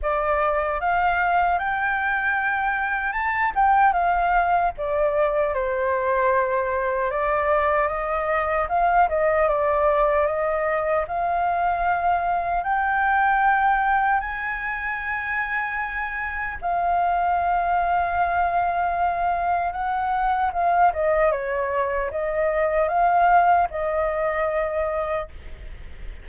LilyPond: \new Staff \with { instrumentName = "flute" } { \time 4/4 \tempo 4 = 76 d''4 f''4 g''2 | a''8 g''8 f''4 d''4 c''4~ | c''4 d''4 dis''4 f''8 dis''8 | d''4 dis''4 f''2 |
g''2 gis''2~ | gis''4 f''2.~ | f''4 fis''4 f''8 dis''8 cis''4 | dis''4 f''4 dis''2 | }